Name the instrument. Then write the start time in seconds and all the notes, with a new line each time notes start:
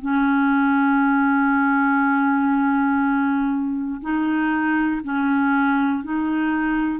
clarinet
0.00 C#4
4.01 D#4
5.03 C#4
6.03 D#4